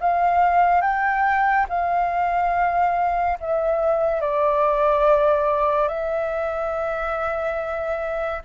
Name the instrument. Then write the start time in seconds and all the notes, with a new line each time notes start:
flute
0.00 F5
0.81 G5
1.69 F5
3.40 E5
4.21 D5
5.88 E5